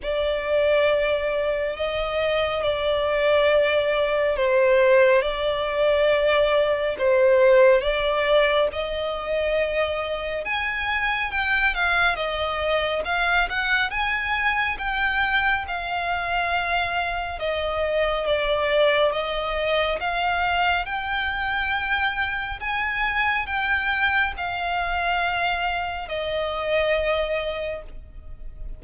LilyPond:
\new Staff \with { instrumentName = "violin" } { \time 4/4 \tempo 4 = 69 d''2 dis''4 d''4~ | d''4 c''4 d''2 | c''4 d''4 dis''2 | gis''4 g''8 f''8 dis''4 f''8 fis''8 |
gis''4 g''4 f''2 | dis''4 d''4 dis''4 f''4 | g''2 gis''4 g''4 | f''2 dis''2 | }